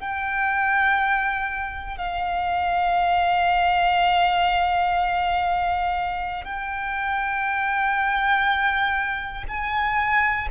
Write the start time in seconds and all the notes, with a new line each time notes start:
0.00 G5
1.98 F5
6.45 G5
9.48 G#5